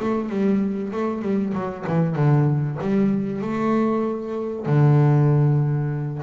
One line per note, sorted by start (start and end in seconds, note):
0.00 0.30 A3
0.30 0.92 G3
0.92 1.22 A3
1.22 1.53 G3
1.54 1.85 F#3
1.87 2.16 E3
2.16 2.78 D3
2.81 3.42 G3
3.42 4.66 A3
4.66 6.22 D3